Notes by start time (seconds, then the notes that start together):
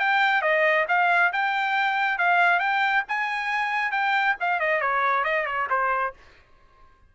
0.00 G5
0.42 D#5
0.89 F5
1.33 G5
2.19 F5
2.60 G5
3.09 G#5
3.92 G5
4.41 F5
4.60 D#5
4.81 C#5
5.25 D#5
5.46 C#5
5.71 C5